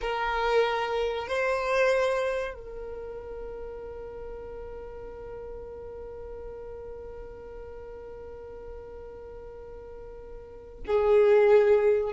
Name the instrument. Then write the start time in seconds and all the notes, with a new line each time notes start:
violin
0.01 A#4
1.27 C5
2.54 A#4
10.86 G#4